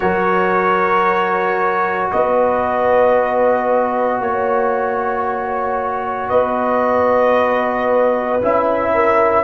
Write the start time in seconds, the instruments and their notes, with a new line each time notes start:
0.00 tuba F#3, trombone F#4, horn A#4, trumpet C#5
2.11 tuba B3, horn B4, trumpet D#5
4.20 tuba A#3, horn C#5, trumpet C#5
6.29 tuba B3, horn B4, trumpet D#5
8.42 tuba C#4, trombone E4, trumpet E5
8.94 horn A#4